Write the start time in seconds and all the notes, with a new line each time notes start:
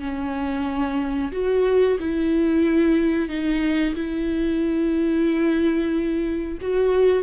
0.00 C#4
1.32 F#4
2.00 E4
3.29 D#4
3.95 E4
6.61 F#4